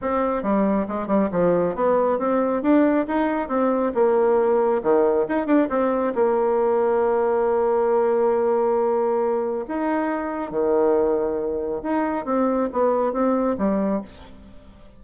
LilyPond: \new Staff \with { instrumentName = "bassoon" } { \time 4/4 \tempo 4 = 137 c'4 g4 gis8 g8 f4 | b4 c'4 d'4 dis'4 | c'4 ais2 dis4 | dis'8 d'8 c'4 ais2~ |
ais1~ | ais2 dis'2 | dis2. dis'4 | c'4 b4 c'4 g4 | }